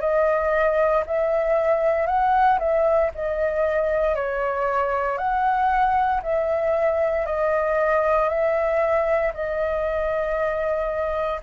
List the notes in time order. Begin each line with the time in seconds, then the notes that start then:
0.00 D#5
1.06 E5
2.06 F#5
2.59 E5
3.14 D#5
4.15 C#5
5.17 F#5
6.22 E5
7.26 D#5
8.29 E5
9.33 D#5